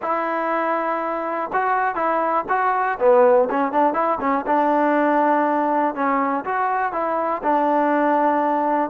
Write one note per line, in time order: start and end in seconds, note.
0.01 1.50 E4
1.52 1.95 F#4
1.95 2.45 E4
2.48 2.98 F#4
2.99 3.48 B3
3.50 3.72 C#4
3.72 3.93 D4
3.93 4.18 E4
4.20 4.45 C#4
4.46 5.94 D4
5.94 6.44 C#4
6.44 6.92 F#4
6.92 7.42 E4
7.43 8.90 D4